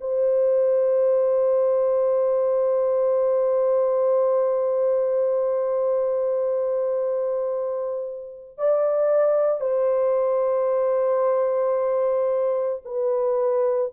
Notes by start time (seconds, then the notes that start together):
0.00 C5
8.57 D5
9.60 C5
12.85 B4